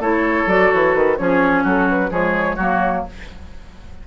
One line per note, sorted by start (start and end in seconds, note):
0.00 0.47 A3
0.00 0.48 E4
0.00 1.18 A4
0.00 0.49 C#5
0.47 0.70 F#3
0.47 1.18 F#4
0.47 0.72 D5
0.72 0.95 E3
0.72 0.95 C#5
0.95 1.19 D#3
0.95 1.18 B4
1.18 1.65 F3
1.18 2.10 C#4
1.18 1.64 G#4
1.18 1.64 C#5
1.64 2.11 F#3
1.64 2.11 F#4
1.64 1.90 A4
1.90 2.12 B4
2.10 2.58 F3
2.10 2.57 G#3
2.10 2.57 G#4
2.10 3.06 C#5
2.57 3.05 F#3
2.57 3.07 A#3
2.57 3.03 F#4